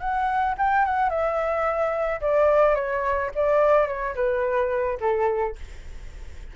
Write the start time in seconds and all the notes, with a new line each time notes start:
0.00 F#5
0.58 G5
0.85 F#5
1.10 E5
2.21 D5
2.75 C#5
3.35 D5
3.87 C#5
4.15 B4
5.01 A4